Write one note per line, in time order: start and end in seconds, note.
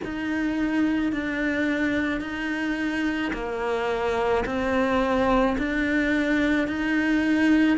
0.04 1.12 D#4
1.12 2.20 D4
2.20 3.31 D#4
3.33 4.44 A#3
4.45 5.56 C4
5.58 6.67 D4
6.67 7.77 D#4